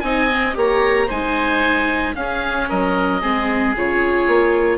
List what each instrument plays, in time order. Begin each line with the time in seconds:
0.00 bassoon C4, viola D#4, oboe D#5 G#5
0.30 viola C4
0.54 bassoon A#3, viola G4, oboe C#5 A#5
1.07 bassoon G#3, viola D#4, oboe C5 G#5
2.14 viola C#4, bassoon C#4, oboe G#4 F5
2.69 bassoon F#3, oboe A#4 D#5
3.21 bassoon G#3, viola C4, oboe G#4
3.76 bassoon C#3, viola F4, oboe C#5
4.27 bassoon A#3